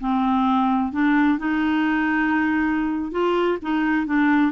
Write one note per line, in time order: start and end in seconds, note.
0.00 0.93 C4
0.93 1.38 D4
1.38 3.12 D#4
3.12 3.58 F4
3.62 4.07 D#4
4.07 4.52 D4